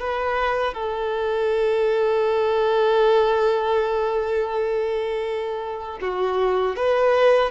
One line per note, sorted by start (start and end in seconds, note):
0.00 0.74 B4
0.74 5.99 A4
6.01 6.76 F#4
6.76 7.50 B4